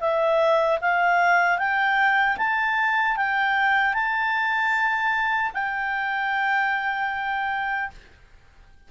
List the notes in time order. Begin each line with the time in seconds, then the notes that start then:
0.00 E5
0.81 F5
1.58 G5
2.37 A5
3.16 G5
3.94 A5
5.53 G5